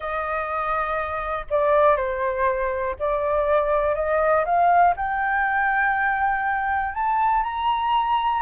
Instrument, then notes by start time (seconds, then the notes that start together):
flute
0.00 D#5
1.50 D5
1.96 C5
2.99 D5
3.95 D#5
4.45 F5
4.96 G5
6.94 A5
7.43 A#5